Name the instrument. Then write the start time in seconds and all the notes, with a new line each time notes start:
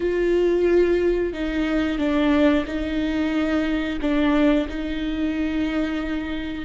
viola
0.00 F4
1.33 D#4
1.98 D4
2.65 D#4
4.01 D4
4.68 D#4